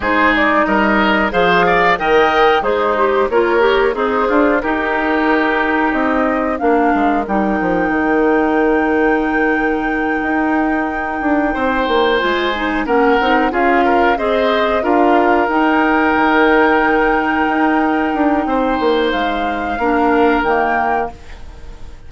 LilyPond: <<
  \new Staff \with { instrumentName = "flute" } { \time 4/4 \tempo 4 = 91 c''8 d''8 dis''4 f''4 g''4 | c''4 cis''4 c''4 ais'4~ | ais'4 dis''4 f''4 g''4~ | g''1~ |
g''2~ g''8 gis''4 fis''8~ | fis''8 f''4 dis''4 f''4 g''8~ | g''1~ | g''4 f''2 g''4 | }
  \new Staff \with { instrumentName = "oboe" } { \time 4/4 gis'4 ais'4 c''8 d''8 dis''4 | dis'4 ais'4 dis'8 f'8 g'4~ | g'2 ais'2~ | ais'1~ |
ais'4. c''2 ais'8~ | ais'8 gis'8 ais'8 c''4 ais'4.~ | ais'1 | c''2 ais'2 | }
  \new Staff \with { instrumentName = "clarinet" } { \time 4/4 dis'2 gis'4 ais'4 | gis'8 g'8 f'8 g'8 gis'4 dis'4~ | dis'2 d'4 dis'4~ | dis'1~ |
dis'2~ dis'8 f'8 dis'8 cis'8 | dis'8 f'4 gis'4 f'4 dis'8~ | dis'1~ | dis'2 d'4 ais4 | }
  \new Staff \with { instrumentName = "bassoon" } { \time 4/4 gis4 g4 f4 dis4 | gis4 ais4 c'8 d'8 dis'4~ | dis'4 c'4 ais8 gis8 g8 f8 | dis2.~ dis8 dis'8~ |
dis'4 d'8 c'8 ais8 gis4 ais8 | c'8 cis'4 c'4 d'4 dis'8~ | dis'8 dis2 dis'4 d'8 | c'8 ais8 gis4 ais4 dis4 | }
>>